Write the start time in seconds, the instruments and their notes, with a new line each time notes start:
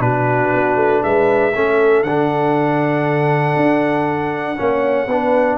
0.00 tuba B2, trombone D4, horn F#4, trumpet B4
0.54 tuba B3
0.76 tuba A3
1.03 tuba G#3, horn B4, trumpet E5
1.54 tuba A3, trombone C#4, horn A4
2.03 tuba D3, trombone D4, trumpet F#5
3.56 tuba D4
4.57 tuba A#3, trombone C#4, horn C#5
5.07 tuba B3, trombone D4, horn B4